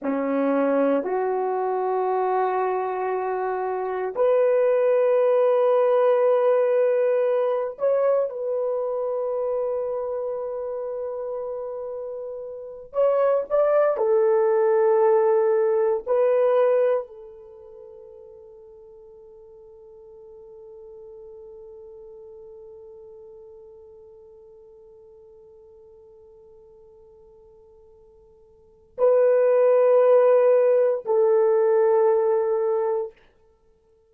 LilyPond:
\new Staff \with { instrumentName = "horn" } { \time 4/4 \tempo 4 = 58 cis'4 fis'2. | b'2.~ b'8 cis''8 | b'1~ | b'8 cis''8 d''8 a'2 b'8~ |
b'8 a'2.~ a'8~ | a'1~ | a'1 | b'2 a'2 | }